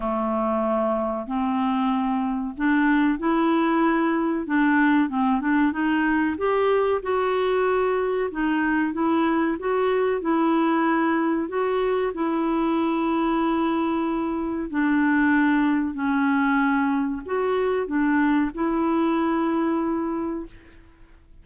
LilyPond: \new Staff \with { instrumentName = "clarinet" } { \time 4/4 \tempo 4 = 94 a2 c'2 | d'4 e'2 d'4 | c'8 d'8 dis'4 g'4 fis'4~ | fis'4 dis'4 e'4 fis'4 |
e'2 fis'4 e'4~ | e'2. d'4~ | d'4 cis'2 fis'4 | d'4 e'2. | }